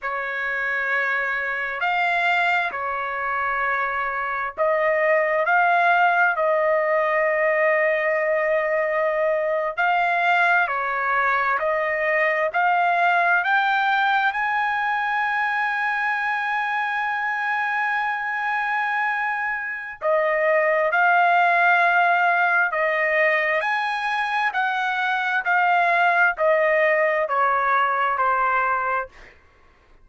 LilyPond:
\new Staff \with { instrumentName = "trumpet" } { \time 4/4 \tempo 4 = 66 cis''2 f''4 cis''4~ | cis''4 dis''4 f''4 dis''4~ | dis''2~ dis''8. f''4 cis''16~ | cis''8. dis''4 f''4 g''4 gis''16~ |
gis''1~ | gis''2 dis''4 f''4~ | f''4 dis''4 gis''4 fis''4 | f''4 dis''4 cis''4 c''4 | }